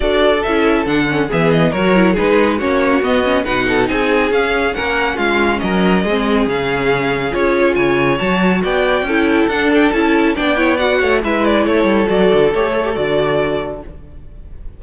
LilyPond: <<
  \new Staff \with { instrumentName = "violin" } { \time 4/4 \tempo 4 = 139 d''4 e''4 fis''4 e''8 dis''8 | cis''4 b'4 cis''4 dis''4 | fis''4 gis''4 f''4 fis''4 | f''4 dis''2 f''4~ |
f''4 cis''4 gis''4 a''4 | g''2 fis''8 g''8 a''4 | g''4 fis''4 e''8 d''8 cis''4 | d''4 cis''4 d''2 | }
  \new Staff \with { instrumentName = "violin" } { \time 4/4 a'2. gis'4 | ais'4 gis'4 fis'2 | b'8 a'8 gis'2 ais'4 | f'4 ais'4 gis'2~ |
gis'2 cis''2 | d''4 a'2. | d''8 cis''8 d''8 cis''8 b'4 a'4~ | a'1 | }
  \new Staff \with { instrumentName = "viola" } { \time 4/4 fis'4 e'4 d'8 cis'8 b4 | fis'8 e'8 dis'4 cis'4 b8 cis'8 | dis'2 cis'2~ | cis'2 c'4 cis'4~ |
cis'4 f'2 fis'4~ | fis'4 e'4 d'4 e'4 | d'8 e'8 fis'4 e'2 | fis'4 g'8 a'16 g'16 fis'2 | }
  \new Staff \with { instrumentName = "cello" } { \time 4/4 d'4 cis'4 d4 e4 | fis4 gis4 ais4 b4 | b,4 c'4 cis'4 ais4 | gis4 fis4 gis4 cis4~ |
cis4 cis'4 cis4 fis4 | b4 cis'4 d'4 cis'4 | b4. a8 gis4 a8 g8 | fis8 d8 a4 d2 | }
>>